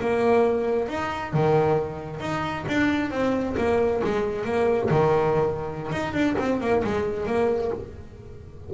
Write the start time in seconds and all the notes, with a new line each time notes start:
0.00 A#3
0.88 D#4
1.33 D#3
2.20 D#4
2.68 D4
3.11 C4
3.57 A#3
4.04 G#3
4.44 A#3
4.90 D#3
5.91 D#4
6.13 D4
6.38 C4
6.61 A#3
6.84 G#3
7.26 A#3